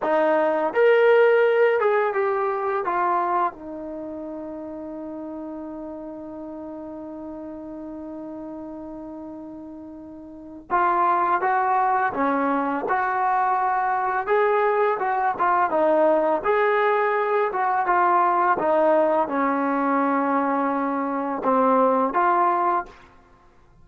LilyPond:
\new Staff \with { instrumentName = "trombone" } { \time 4/4 \tempo 4 = 84 dis'4 ais'4. gis'8 g'4 | f'4 dis'2.~ | dis'1~ | dis'2. f'4 |
fis'4 cis'4 fis'2 | gis'4 fis'8 f'8 dis'4 gis'4~ | gis'8 fis'8 f'4 dis'4 cis'4~ | cis'2 c'4 f'4 | }